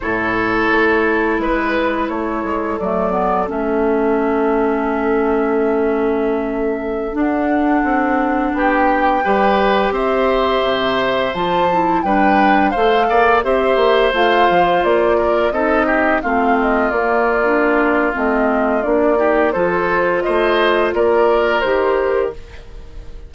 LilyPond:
<<
  \new Staff \with { instrumentName = "flute" } { \time 4/4 \tempo 4 = 86 cis''2 b'4 cis''4 | d''4 e''2.~ | e''2~ e''16 fis''4.~ fis''16~ | fis''16 g''2 e''4.~ e''16~ |
e''16 a''4 g''4 f''4 e''8.~ | e''16 f''4 d''4 dis''4 f''8 dis''16~ | dis''16 d''4.~ d''16 dis''4 d''4 | c''4 dis''4 d''4 c''4 | }
  \new Staff \with { instrumentName = "oboe" } { \time 4/4 a'2 b'4 a'4~ | a'1~ | a'1~ | a'16 g'4 b'4 c''4.~ c''16~ |
c''4~ c''16 b'4 c''8 d''8 c''8.~ | c''4.~ c''16 ais'8 a'8 g'8 f'8.~ | f'2.~ f'8 g'8 | a'4 c''4 ais'2 | }
  \new Staff \with { instrumentName = "clarinet" } { \time 4/4 e'1 | a8 b8 cis'2.~ | cis'2~ cis'16 d'4.~ d'16~ | d'4~ d'16 g'2~ g'8.~ |
g'16 f'8 e'8 d'4 a'4 g'8.~ | g'16 f'2 dis'4 c'8.~ | c'16 ais8. d'4 c'4 d'8 dis'8 | f'2. g'4 | }
  \new Staff \with { instrumentName = "bassoon" } { \time 4/4 a,4 a4 gis4 a8 gis8 | fis4 a2.~ | a2~ a16 d'4 c'8.~ | c'16 b4 g4 c'4 c8.~ |
c16 f4 g4 a8 ais8 c'8 ais16~ | ais16 a8 f8 ais4 c'4 a8.~ | a16 ais4.~ ais16 a4 ais4 | f4 a4 ais4 dis4 | }
>>